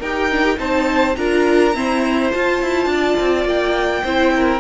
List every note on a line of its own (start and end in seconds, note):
0.00 0.59 D#4
0.00 0.32 G4
0.00 0.58 A#4
0.00 0.59 G5
0.32 0.44 D4
0.44 0.56 G4
0.56 1.17 C4
0.56 1.14 D#4
0.56 1.18 C5
0.56 1.17 A5
1.17 1.75 D4
1.17 1.75 F4
1.17 1.76 A#4
1.17 2.32 A#5
1.75 2.31 C4
1.75 2.32 E4
1.75 2.92 C5
2.31 4.05 F4
2.31 2.62 F4
2.31 3.47 A5
2.62 2.86 E4
2.86 3.15 D4
2.94 4.04 D5
3.21 3.46 C4
3.46 4.03 A#3
3.46 4.60 G5
4.04 4.60 C4
4.04 4.60 E4
4.04 4.33 C5
4.37 4.60 A#4